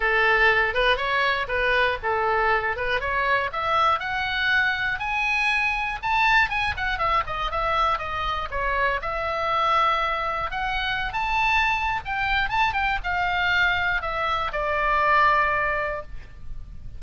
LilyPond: \new Staff \with { instrumentName = "oboe" } { \time 4/4 \tempo 4 = 120 a'4. b'8 cis''4 b'4 | a'4. b'8 cis''4 e''4 | fis''2 gis''2 | a''4 gis''8 fis''8 e''8 dis''8 e''4 |
dis''4 cis''4 e''2~ | e''4 fis''4~ fis''16 a''4.~ a''16 | g''4 a''8 g''8 f''2 | e''4 d''2. | }